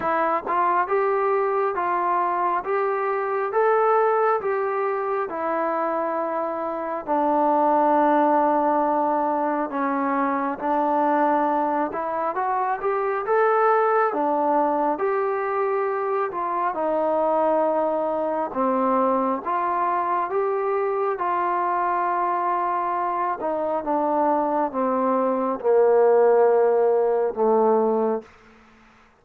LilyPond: \new Staff \with { instrumentName = "trombone" } { \time 4/4 \tempo 4 = 68 e'8 f'8 g'4 f'4 g'4 | a'4 g'4 e'2 | d'2. cis'4 | d'4. e'8 fis'8 g'8 a'4 |
d'4 g'4. f'8 dis'4~ | dis'4 c'4 f'4 g'4 | f'2~ f'8 dis'8 d'4 | c'4 ais2 a4 | }